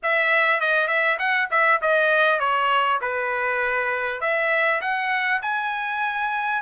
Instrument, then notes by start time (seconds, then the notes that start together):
trumpet
0.02 E5
0.60 D#5
0.87 E5
1.18 F#5
1.50 E5
1.81 D#5
2.39 C#5
3.01 B4
4.21 E5
4.81 F#5
5.42 G#5